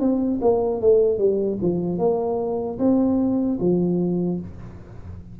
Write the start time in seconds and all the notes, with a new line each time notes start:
0.00 C4
0.42 A#3
0.81 A3
1.19 G3
1.62 F3
1.98 A#3
2.79 C4
3.60 F3